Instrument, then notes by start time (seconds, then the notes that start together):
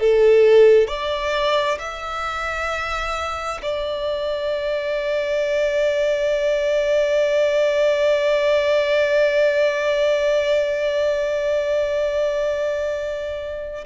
violin
0.00 A4
0.88 D5
1.79 E5
3.63 D5